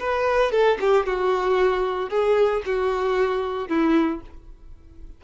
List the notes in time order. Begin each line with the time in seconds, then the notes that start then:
0.00 B4
0.52 A4
0.81 G4
1.06 F#4
2.10 G#4
2.66 F#4
3.69 E4